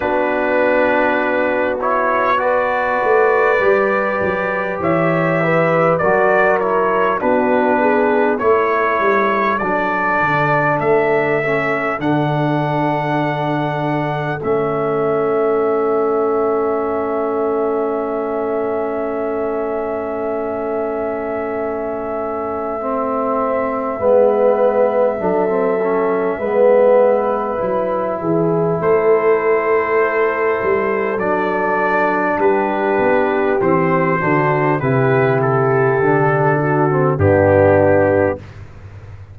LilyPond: <<
  \new Staff \with { instrumentName = "trumpet" } { \time 4/4 \tempo 4 = 50 b'4. cis''8 d''2 | e''4 d''8 cis''8 b'4 cis''4 | d''4 e''4 fis''2 | e''1~ |
e''1~ | e''1 | c''2 d''4 b'4 | c''4 b'8 a'4. g'4 | }
  \new Staff \with { instrumentName = "horn" } { \time 4/4 fis'2 b'2 | cis''8 b'8 ais'4 fis'8 gis'8 a'4~ | a'1~ | a'1~ |
a'1 | b'4 a'4 b'4. gis'8 | a'2. g'4~ | g'8 fis'8 g'4. fis'8 d'4 | }
  \new Staff \with { instrumentName = "trombone" } { \time 4/4 d'4. e'8 fis'4 g'4~ | g'4 fis'8 e'8 d'4 e'4 | d'4. cis'8 d'2 | cis'1~ |
cis'2. c'4 | b4 d'16 c'16 cis'8 b4 e'4~ | e'2 d'2 | c'8 d'8 e'4 d'8. c'16 b4 | }
  \new Staff \with { instrumentName = "tuba" } { \time 4/4 b2~ b8 a8 g8 fis8 | e4 fis4 b4 a8 g8 | fis8 d8 a4 d2 | a1~ |
a1 | gis4 fis4 gis4 fis8 e8 | a4. g8 fis4 g8 b8 | e8 d8 c4 d4 g,4 | }
>>